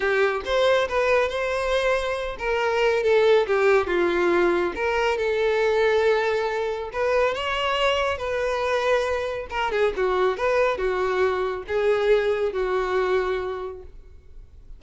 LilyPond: \new Staff \with { instrumentName = "violin" } { \time 4/4 \tempo 4 = 139 g'4 c''4 b'4 c''4~ | c''4. ais'4. a'4 | g'4 f'2 ais'4 | a'1 |
b'4 cis''2 b'4~ | b'2 ais'8 gis'8 fis'4 | b'4 fis'2 gis'4~ | gis'4 fis'2. | }